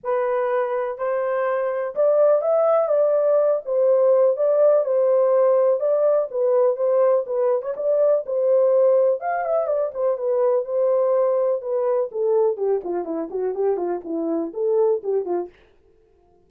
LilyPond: \new Staff \with { instrumentName = "horn" } { \time 4/4 \tempo 4 = 124 b'2 c''2 | d''4 e''4 d''4. c''8~ | c''4 d''4 c''2 | d''4 b'4 c''4 b'8. cis''16 |
d''4 c''2 f''8 e''8 | d''8 c''8 b'4 c''2 | b'4 a'4 g'8 f'8 e'8 fis'8 | g'8 f'8 e'4 a'4 g'8 f'8 | }